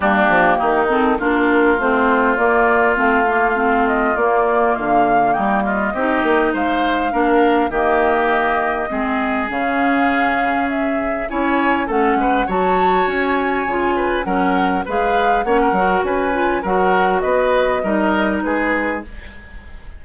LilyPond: <<
  \new Staff \with { instrumentName = "flute" } { \time 4/4 \tempo 4 = 101 g'4. a'8 ais'4 c''4 | d''4 f''4. dis''8 d''4 | f''4 g''8 dis''4. f''4~ | f''4 dis''2. |
f''2 e''4 gis''4 | fis''4 a''4 gis''2 | fis''4 f''4 fis''4 gis''4 | fis''4 dis''2 b'4 | }
  \new Staff \with { instrumentName = "oboe" } { \time 4/4 d'4 dis'4 f'2~ | f'1~ | f'4 dis'8 f'8 g'4 c''4 | ais'4 g'2 gis'4~ |
gis'2. cis''4 | a'8 b'8 cis''2~ cis''8 b'8 | ais'4 b'4 cis''16 ais'8. b'4 | ais'4 b'4 ais'4 gis'4 | }
  \new Staff \with { instrumentName = "clarinet" } { \time 4/4 ais4. c'8 d'4 c'4 | ais4 c'8 ais8 c'4 ais4~ | ais2 dis'2 | d'4 ais2 c'4 |
cis'2. e'4 | cis'4 fis'2 f'4 | cis'4 gis'4 cis'8 fis'4 f'8 | fis'2 dis'2 | }
  \new Staff \with { instrumentName = "bassoon" } { \time 4/4 g8 f8 dis4 ais4 a4 | ais4 a2 ais4 | d4 g4 c'8 ais8 gis4 | ais4 dis2 gis4 |
cis2. cis'4 | a8 gis8 fis4 cis'4 cis4 | fis4 gis4 ais8 fis8 cis'4 | fis4 b4 g4 gis4 | }
>>